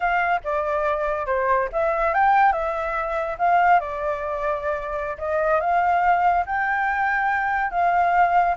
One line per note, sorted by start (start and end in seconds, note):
0.00 0.40 F5
0.44 1.26 D5
1.26 1.68 C5
1.72 2.14 E5
2.14 2.52 G5
2.52 3.36 E5
3.38 3.79 F5
3.79 5.17 D5
5.18 5.60 D#5
5.60 6.45 F5
6.45 7.70 G5
7.70 8.55 F5